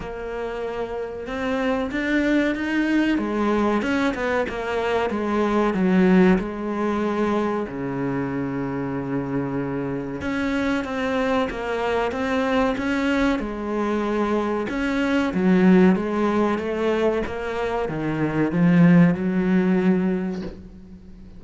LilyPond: \new Staff \with { instrumentName = "cello" } { \time 4/4 \tempo 4 = 94 ais2 c'4 d'4 | dis'4 gis4 cis'8 b8 ais4 | gis4 fis4 gis2 | cis1 |
cis'4 c'4 ais4 c'4 | cis'4 gis2 cis'4 | fis4 gis4 a4 ais4 | dis4 f4 fis2 | }